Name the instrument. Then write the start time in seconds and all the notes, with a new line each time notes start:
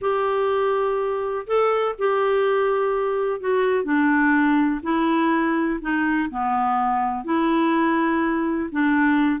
clarinet
0.01 G4
1.46 A4
1.98 G4
3.40 F#4
3.84 D4
4.83 E4
5.81 D#4
6.30 B3
7.24 E4
8.71 D4